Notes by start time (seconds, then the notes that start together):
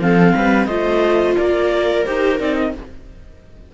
0.00 F3 C4 A4 F5
0.35 G3 B4
0.66 A3 F4 C5 D#5
1.37 A#3 A#4 D5
2.05 D#4 G4 C5
2.40 C4 D#4 D5
2.55 D#5